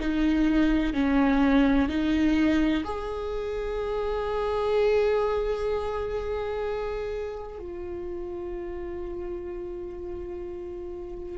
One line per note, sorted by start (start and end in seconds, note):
0.00 0.94 D#4
0.94 1.89 C#4
1.89 2.84 D#4
2.84 7.59 G#4
7.59 11.39 F4